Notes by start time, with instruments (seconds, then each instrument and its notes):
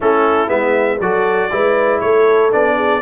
0.00 tuba A3, trombone C#4, horn E4, trumpet A4
0.47 tuba G#3, trombone B3, trumpet E5
1.00 tuba F#3, trombone F#4, horn A4, trumpet D5
1.50 tuba G#3, trombone E4, horn B4
2.00 tuba A3, horn A4, trumpet C#5
2.51 tuba B3, trombone D4, trumpet D5
2.76 horn G#4